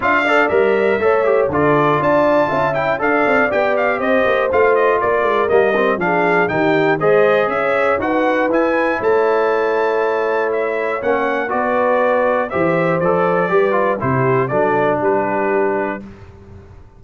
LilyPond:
<<
  \new Staff \with { instrumentName = "trumpet" } { \time 4/4 \tempo 4 = 120 f''4 e''2 d''4 | a''4. g''8 f''4 g''8 f''8 | dis''4 f''8 dis''8 d''4 dis''4 | f''4 g''4 dis''4 e''4 |
fis''4 gis''4 a''2~ | a''4 e''4 fis''4 d''4~ | d''4 e''4 d''2 | c''4 d''4 b'2 | }
  \new Staff \with { instrumentName = "horn" } { \time 4/4 e''8 d''4. cis''4 a'4 | d''4 e''4 d''2 | c''2 ais'2 | gis'4 g'4 c''4 cis''4 |
b'2 cis''2~ | cis''2. b'4~ | b'4 c''2 b'4 | g'4 a'4 g'2 | }
  \new Staff \with { instrumentName = "trombone" } { \time 4/4 f'8 a'8 ais'4 a'8 g'8 f'4~ | f'4. e'8 a'4 g'4~ | g'4 f'2 ais8 c'8 | d'4 dis'4 gis'2 |
fis'4 e'2.~ | e'2 cis'4 fis'4~ | fis'4 g'4 a'4 g'8 f'8 | e'4 d'2. | }
  \new Staff \with { instrumentName = "tuba" } { \time 4/4 d'4 g4 a4 d4 | d'4 cis'4 d'8 c'8 b4 | c'8 ais8 a4 ais8 gis8 g4 | f4 dis4 gis4 cis'4 |
dis'4 e'4 a2~ | a2 ais4 b4~ | b4 e4 f4 g4 | c4 fis4 g2 | }
>>